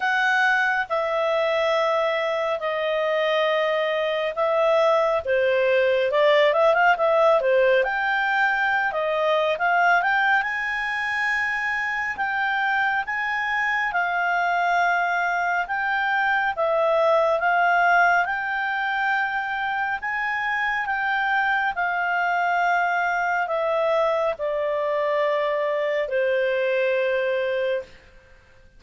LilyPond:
\new Staff \with { instrumentName = "clarinet" } { \time 4/4 \tempo 4 = 69 fis''4 e''2 dis''4~ | dis''4 e''4 c''4 d''8 e''16 f''16 | e''8 c''8 g''4~ g''16 dis''8. f''8 g''8 | gis''2 g''4 gis''4 |
f''2 g''4 e''4 | f''4 g''2 gis''4 | g''4 f''2 e''4 | d''2 c''2 | }